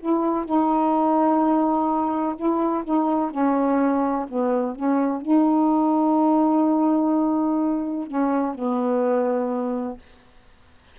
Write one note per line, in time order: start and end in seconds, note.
0.00 0.45 E4
0.45 2.36 D#4
2.36 2.84 E4
2.84 3.31 D#4
3.31 4.26 C#4
4.29 4.76 B3
4.76 5.22 C#4
5.22 8.08 D#4
8.08 8.55 C#4
8.55 9.98 B3